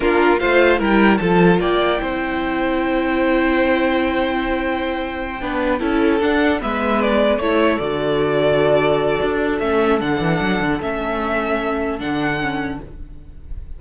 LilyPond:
<<
  \new Staff \with { instrumentName = "violin" } { \time 4/4 \tempo 4 = 150 ais'4 f''4 g''4 a''4 | g''1~ | g''1~ | g''2.~ g''8 fis''8~ |
fis''8 e''4 d''4 cis''4 d''8~ | d''1 | e''4 fis''2 e''4~ | e''2 fis''2 | }
  \new Staff \with { instrumentName = "violin" } { \time 4/4 f'4 c''4 ais'4 a'4 | d''4 c''2.~ | c''1~ | c''4. b'4 a'4.~ |
a'8 b'2 a'4.~ | a'1~ | a'1~ | a'1 | }
  \new Staff \with { instrumentName = "viola" } { \time 4/4 d'4 f'4 e'4 f'4~ | f'4 e'2.~ | e'1~ | e'4. d'4 e'4 d'8~ |
d'8 b2 e'4 fis'8~ | fis'1 | cis'4 d'2 cis'4~ | cis'2 d'4 cis'4 | }
  \new Staff \with { instrumentName = "cello" } { \time 4/4 ais4 a4 g4 f4 | ais4 c'2.~ | c'1~ | c'4. b4 cis'4 d'8~ |
d'8 gis2 a4 d8~ | d2. d'4 | a4 d8 e8 fis8 d8 a4~ | a2 d2 | }
>>